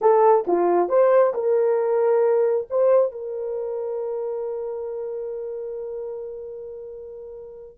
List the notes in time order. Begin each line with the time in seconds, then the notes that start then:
0.01 A4
0.47 F4
0.88 C5
1.34 A#4
2.70 C5
3.11 A#4